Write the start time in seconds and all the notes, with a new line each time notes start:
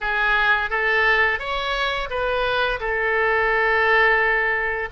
0.00 G#4
0.69 A4
1.39 C#5
2.09 B4
2.79 A4